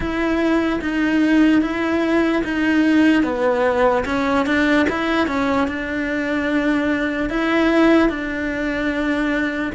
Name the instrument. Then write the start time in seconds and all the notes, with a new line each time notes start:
cello
0.00 E4
0.81 D#4
1.61 E4
2.44 D#4
3.23 B3
4.05 C#4
4.46 D4
4.89 E4
5.27 C#4
5.67 D4
7.29 E4
8.09 D4